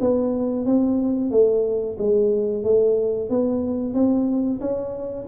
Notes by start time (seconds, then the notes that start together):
0.00 B3
0.65 C4
1.30 A3
1.98 G#3
2.63 A3
3.29 B3
3.94 C4
4.60 C#4